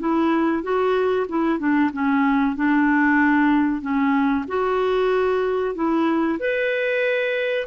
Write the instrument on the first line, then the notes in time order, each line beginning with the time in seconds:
clarinet
0.00 E4
0.64 F#4
1.29 E4
1.59 D4
1.94 C#4
2.56 D4
3.82 C#4
4.49 F#4
5.75 E4
6.40 B4